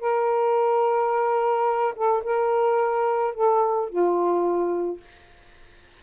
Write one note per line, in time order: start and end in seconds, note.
0.00 1.94 A#4
1.95 2.23 A4
2.24 3.34 A#4
3.34 3.89 A4
3.89 5.01 F4